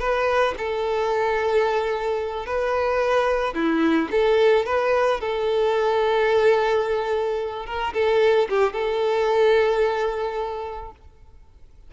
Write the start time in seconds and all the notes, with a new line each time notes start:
0.00 B4
0.58 A4
2.46 B4
3.55 E4
4.12 A4
4.66 B4
5.21 A4
7.66 A#4
7.94 A4
8.50 G4
8.73 A4